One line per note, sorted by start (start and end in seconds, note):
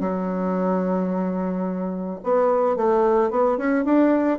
0.00 2.20 F#3
2.24 2.76 B3
2.76 3.31 A3
3.31 3.58 B3
3.58 3.85 C#4
3.85 4.39 D4